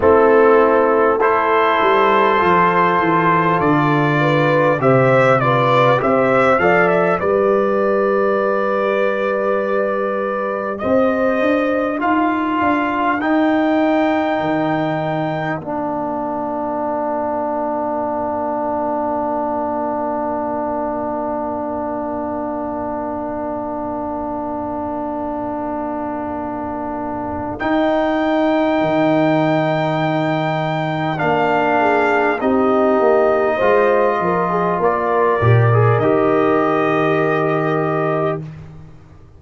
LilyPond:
<<
  \new Staff \with { instrumentName = "trumpet" } { \time 4/4 \tempo 4 = 50 a'4 c''2 d''4 | e''8 d''8 e''8 f''16 e''16 d''2~ | d''4 dis''4 f''4 g''4~ | g''4 f''2.~ |
f''1~ | f''2. g''4~ | g''2 f''4 dis''4~ | dis''4 d''4 dis''2 | }
  \new Staff \with { instrumentName = "horn" } { \time 4/4 e'4 a'2~ a'8 b'8 | c''8 b'8 c''8 d''8 b'2~ | b'4 c''4 ais'2~ | ais'1~ |
ais'1~ | ais'1~ | ais'2~ ais'8 gis'8 g'4 | c''8 ais'16 gis'16 ais'2. | }
  \new Staff \with { instrumentName = "trombone" } { \time 4/4 c'4 e'4 f'2 | g'8 f'8 g'8 a'8 g'2~ | g'2 f'4 dis'4~ | dis'4 d'2.~ |
d'1~ | d'2. dis'4~ | dis'2 d'4 dis'4 | f'4. g'16 gis'16 g'2 | }
  \new Staff \with { instrumentName = "tuba" } { \time 4/4 a4. g8 f8 e8 d4 | c4 c'8 f8 g2~ | g4 c'8 d'8 dis'8 d'8 dis'4 | dis4 ais2.~ |
ais1~ | ais2. dis'4 | dis2 ais4 c'8 ais8 | gis8 f8 ais8 ais,8 dis2 | }
>>